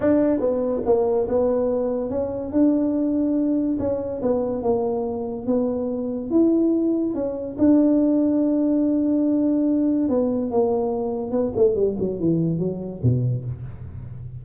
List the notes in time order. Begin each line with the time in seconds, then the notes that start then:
0.00 D4
0.39 B3
0.85 A#3
1.28 B3
2.10 C#4
2.52 D4
3.79 C#4
4.21 B3
4.62 A#3
5.46 B3
6.30 E4
7.14 C#4
7.58 D4
10.08 B3
10.50 A#3
11.31 B3
11.56 A3
11.75 G3
11.99 F#3
12.19 E3
12.58 F#3
13.03 B2